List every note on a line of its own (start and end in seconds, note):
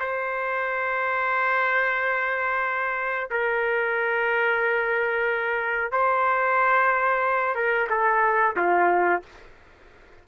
0.00 3.30 C5
3.31 5.92 A#4
5.92 7.56 C5
7.56 7.89 A#4
7.90 8.56 A4
8.57 9.22 F4